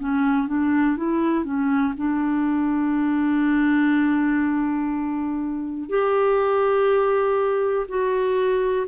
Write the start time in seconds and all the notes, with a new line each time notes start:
0.00 C#4
0.48 D4
0.97 E4
1.45 C#4
1.97 D4
5.90 G4
7.89 F#4